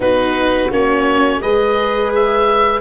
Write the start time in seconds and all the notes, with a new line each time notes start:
0.00 B3 D#4 F#4 B4
0.70 A#3 C#4 C#5
1.41 G#3 G#4 B4 D#5
2.15 E5